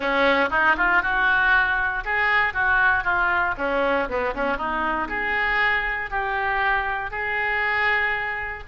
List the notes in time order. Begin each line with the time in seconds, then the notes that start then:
0.00 C#4
0.50 D#4
0.77 F4
1.02 F#4
2.04 G#4
2.53 F#4
3.03 F4
3.57 C#4
4.08 B3
4.34 C#4
4.57 D#4
5.08 G#4
6.10 G4
7.10 G#4